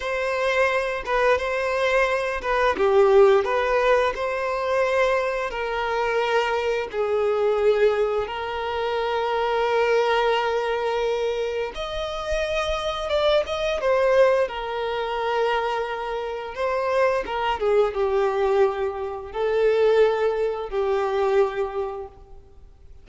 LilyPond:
\new Staff \with { instrumentName = "violin" } { \time 4/4 \tempo 4 = 87 c''4. b'8 c''4. b'8 | g'4 b'4 c''2 | ais'2 gis'2 | ais'1~ |
ais'4 dis''2 d''8 dis''8 | c''4 ais'2. | c''4 ais'8 gis'8 g'2 | a'2 g'2 | }